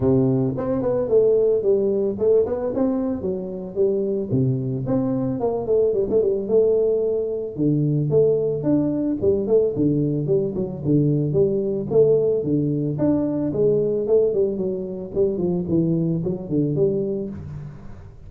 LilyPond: \new Staff \with { instrumentName = "tuba" } { \time 4/4 \tempo 4 = 111 c4 c'8 b8 a4 g4 | a8 b8 c'4 fis4 g4 | c4 c'4 ais8 a8 g16 a16 g8 | a2 d4 a4 |
d'4 g8 a8 d4 g8 fis8 | d4 g4 a4 d4 | d'4 gis4 a8 g8 fis4 | g8 f8 e4 fis8 d8 g4 | }